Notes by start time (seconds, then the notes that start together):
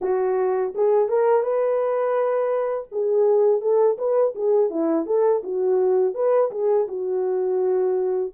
0.01 F#4
0.74 G#4
1.08 A#4
1.43 B4
2.91 G#4
3.61 A4
3.98 B4
4.35 G#4
4.70 E4
5.06 A4
5.43 F#4
6.14 B4
6.51 G#4
6.88 F#4